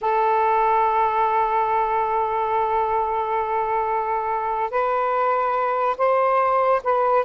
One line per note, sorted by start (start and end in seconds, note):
0.01 4.70 A4
4.70 5.96 B4
5.97 6.81 C5
6.83 7.25 B4